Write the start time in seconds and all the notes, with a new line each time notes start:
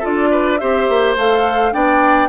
0.00 D4 F4 A4 D5
0.31 B4
0.58 C4 G4 C5 E5
0.89 A#3
1.17 A3 A4 F5
1.73 B3 D4 D5 G5